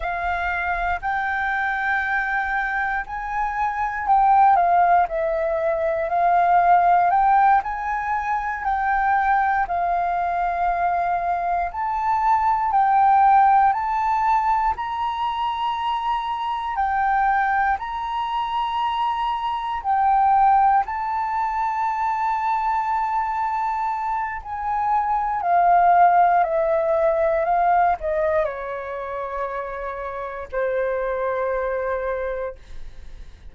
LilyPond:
\new Staff \with { instrumentName = "flute" } { \time 4/4 \tempo 4 = 59 f''4 g''2 gis''4 | g''8 f''8 e''4 f''4 g''8 gis''8~ | gis''8 g''4 f''2 a''8~ | a''8 g''4 a''4 ais''4.~ |
ais''8 g''4 ais''2 g''8~ | g''8 a''2.~ a''8 | gis''4 f''4 e''4 f''8 dis''8 | cis''2 c''2 | }